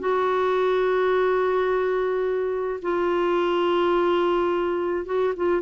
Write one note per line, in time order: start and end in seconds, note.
0.00 2.80 F#4
2.82 5.06 F4
5.06 5.34 F#4
5.37 5.62 F4